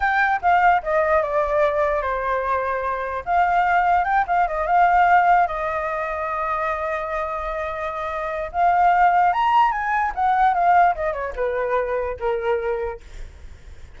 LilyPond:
\new Staff \with { instrumentName = "flute" } { \time 4/4 \tempo 4 = 148 g''4 f''4 dis''4 d''4~ | d''4 c''2. | f''2 g''8 f''8 dis''8 f''8~ | f''4. dis''2~ dis''8~ |
dis''1~ | dis''4 f''2 ais''4 | gis''4 fis''4 f''4 dis''8 cis''8 | b'2 ais'2 | }